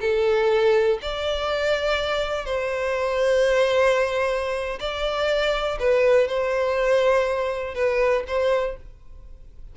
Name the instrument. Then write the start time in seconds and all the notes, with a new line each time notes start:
violin
0.00 A4
1.01 D5
2.45 C5
4.79 D5
5.79 B4
6.27 C5
7.74 B4
8.27 C5